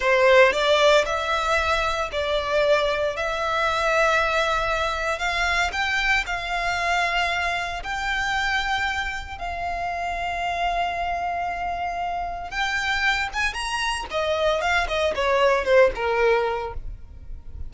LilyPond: \new Staff \with { instrumentName = "violin" } { \time 4/4 \tempo 4 = 115 c''4 d''4 e''2 | d''2 e''2~ | e''2 f''4 g''4 | f''2. g''4~ |
g''2 f''2~ | f''1 | g''4. gis''8 ais''4 dis''4 | f''8 dis''8 cis''4 c''8 ais'4. | }